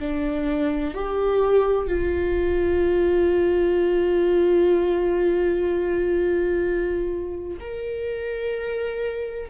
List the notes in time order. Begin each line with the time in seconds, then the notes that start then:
0.00 D4
0.94 G4
1.87 F4
7.61 A#4